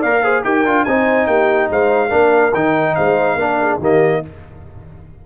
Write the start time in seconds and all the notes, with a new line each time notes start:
0.00 A#3 A#4 D5 F5
0.23 G#4 C5
0.44 D#4 G4 A#4 G5
0.65 D4 F4
0.85 C4 D#4 C5 G#5
1.27 A#3 G4 G5
1.70 G#3 C5 F5
2.08 A#3 D4 A#4
2.54 D#3 D#4 G5
2.95 G#3 C5 F5
3.36 A#3 D4 A#4
3.61 G#4
3.78 D#3 A#3 G4 D#5